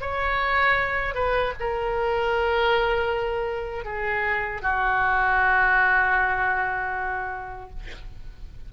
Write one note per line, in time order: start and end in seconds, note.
0.00 1.14 C#5
1.14 1.53 B4
1.59 3.84 A#4
3.84 4.61 G#4
4.62 7.69 F#4